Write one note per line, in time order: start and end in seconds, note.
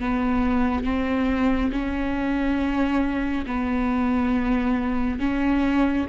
0.00 0.84 B3
0.84 1.71 C4
1.72 3.46 C#4
3.47 5.20 B3
5.20 6.07 C#4